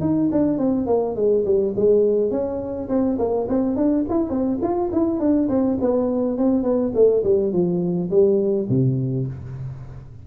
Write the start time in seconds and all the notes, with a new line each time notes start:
0.00 D#4
0.31 D4
0.58 C4
0.86 A#3
1.15 G#3
1.45 G3
1.76 G#3
2.31 C#4
2.88 C4
3.18 A#3
3.49 C4
3.76 D4
4.09 E4
4.30 C4
4.62 F4
4.92 E4
5.19 D4
5.49 C4
5.81 B3
6.37 C4
6.63 B3
6.94 A3
7.23 G3
7.52 F3
8.10 G3
8.69 C3